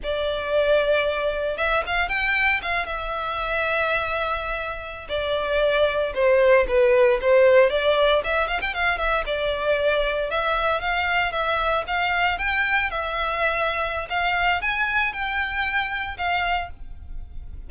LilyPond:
\new Staff \with { instrumentName = "violin" } { \time 4/4 \tempo 4 = 115 d''2. e''8 f''8 | g''4 f''8 e''2~ e''8~ | e''4.~ e''16 d''2 c''16~ | c''8. b'4 c''4 d''4 e''16~ |
e''16 f''16 g''16 f''8 e''8 d''2 e''16~ | e''8. f''4 e''4 f''4 g''16~ | g''8. e''2~ e''16 f''4 | gis''4 g''2 f''4 | }